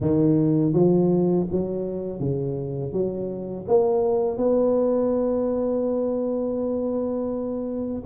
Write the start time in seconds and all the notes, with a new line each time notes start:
0.00 D#3
0.73 F3
1.51 F#3
2.20 C#3
2.92 F#3
3.68 A#3
4.37 B3